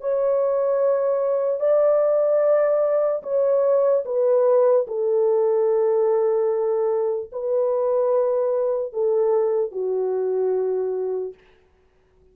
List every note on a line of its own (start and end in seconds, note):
0.00 1.60 C#5
1.60 3.22 D5
3.22 4.04 C#5
4.05 4.86 B4
4.87 7.30 A4
7.32 8.93 B4
8.93 9.71 A4
9.71 11.34 F#4